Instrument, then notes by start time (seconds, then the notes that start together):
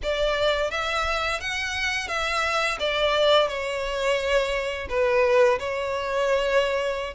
violin
0.02 D5
0.70 E5
1.40 F#5
2.08 E5
2.79 D5
3.48 C#5
4.89 B4
5.59 C#5